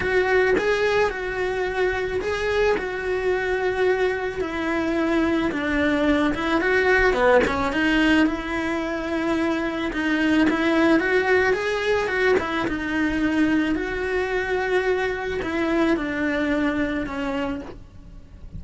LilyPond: \new Staff \with { instrumentName = "cello" } { \time 4/4 \tempo 4 = 109 fis'4 gis'4 fis'2 | gis'4 fis'2. | e'2 d'4. e'8 | fis'4 b8 cis'8 dis'4 e'4~ |
e'2 dis'4 e'4 | fis'4 gis'4 fis'8 e'8 dis'4~ | dis'4 fis'2. | e'4 d'2 cis'4 | }